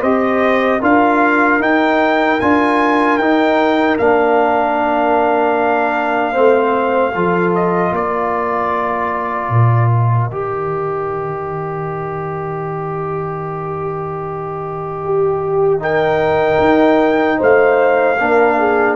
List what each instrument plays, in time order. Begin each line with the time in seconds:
0.00 tuba C4, trombone G4, horn C5, trumpet D#5
0.80 tuba D4, trombone F4, horn A#4, trumpet F5
1.60 trombone D#4, tuba D#4, trumpet G5
2.40 tuba D4, trombone F4, trumpet G#5
3.17 tuba D#4, trombone D#4, trumpet G5
3.98 tuba A#3, trombone D4, trumpet F5
6.32 tuba A3, trombone C4, horn C5
7.14 tuba F3, trombone F4, horn A4
7.54 trumpet D#5
7.91 tuba A#3, horn A#4, trumpet D5
9.49 tuba A#2
9.91 trumpet D#5
10.28 tuba D#3, trombone G4
15.04 horn G4
15.79 trombone D#4, horn A#4, trumpet G5
16.59 tuba D#4
17.38 tuba A3, horn C5, trumpet F5
18.19 tuba A#3, trombone D4, horn A#4
18.58 horn G#4